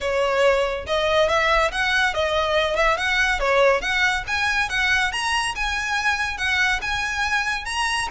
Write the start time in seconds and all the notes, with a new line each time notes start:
0.00 C#5
0.86 D#5
1.28 E5
1.71 F#5
2.14 D#5
2.75 E5
2.97 F#5
3.39 C#5
3.81 F#5
4.27 G#5
4.69 F#5
5.12 A#5
5.55 G#5
6.37 F#5
6.81 G#5
7.65 A#5